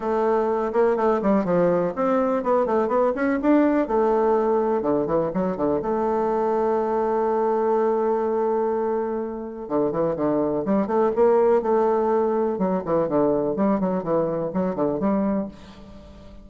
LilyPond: \new Staff \with { instrumentName = "bassoon" } { \time 4/4 \tempo 4 = 124 a4. ais8 a8 g8 f4 | c'4 b8 a8 b8 cis'8 d'4 | a2 d8 e8 fis8 d8 | a1~ |
a1 | d8 e8 d4 g8 a8 ais4 | a2 fis8 e8 d4 | g8 fis8 e4 fis8 d8 g4 | }